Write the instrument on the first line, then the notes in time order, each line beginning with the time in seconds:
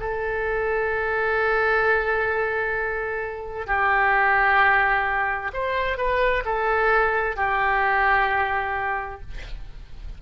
oboe
0.00 A4
3.67 G4
5.53 C5
5.97 B4
6.45 A4
7.36 G4